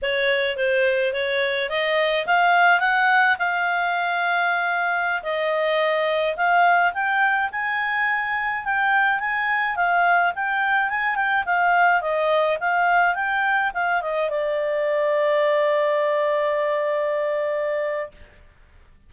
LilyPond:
\new Staff \with { instrumentName = "clarinet" } { \time 4/4 \tempo 4 = 106 cis''4 c''4 cis''4 dis''4 | f''4 fis''4 f''2~ | f''4~ f''16 dis''2 f''8.~ | f''16 g''4 gis''2 g''8.~ |
g''16 gis''4 f''4 g''4 gis''8 g''16~ | g''16 f''4 dis''4 f''4 g''8.~ | g''16 f''8 dis''8 d''2~ d''8.~ | d''1 | }